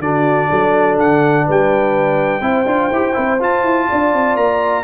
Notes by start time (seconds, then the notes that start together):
0.00 D3 D4 F#4 D5
0.49 F#3 A4
0.99 D3 F#5
1.45 G3 B4 G5
2.41 C4 E4 C5
2.66 D4 F4
2.92 E4 G4
3.14 C4 E4
3.40 F4 A5
3.64 E4
3.89 D4 D5
4.14 C4
4.37 A#3 A#5